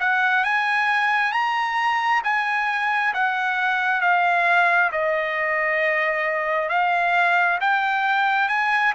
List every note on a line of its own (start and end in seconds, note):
0.00 0.44 F#5
0.44 1.32 G#5
1.32 2.22 A#5
2.24 3.13 G#5
3.14 4.01 F#5
4.01 4.91 F5
4.92 6.69 D#5
6.69 7.59 F5
7.61 8.49 G5
8.49 8.94 G#5